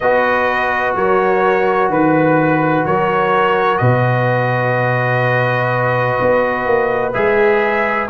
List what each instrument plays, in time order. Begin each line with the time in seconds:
0.00 tuba B3, trombone F#4, horn B4, trumpet D#5
0.95 tuba F#3, horn A#4, trumpet C#5
1.89 tuba D#3, horn B4, trumpet B4
2.85 tuba F#3, horn A#4, trumpet C#5
3.77 tuba B2, horn B4, trumpet D#5
6.21 tuba B3
6.66 tuba A#3
7.13 tuba G#3, trombone G#4, trumpet E5